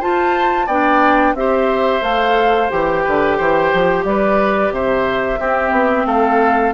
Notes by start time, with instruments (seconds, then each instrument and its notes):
0.00 clarinet F4, bassoon F4, oboe C5, flute A5
0.67 bassoon B3, clarinet D4, oboe D5, flute G5
1.34 bassoon C4, clarinet G4, oboe C5, flute E5
2.02 bassoon A3, clarinet A4, flute F5
2.70 bassoon E3, clarinet G4, flute G5
3.04 bassoon D3, oboe B4
3.37 bassoon E3, oboe C5
3.74 bassoon F3
4.05 bassoon G3, oboe B4, flute D5
4.71 bassoon C3, oboe C5, flute E5
5.39 bassoon C4, clarinet C4, oboe G4
5.72 bassoon B3
6.06 bassoon A3, oboe A4, flute F5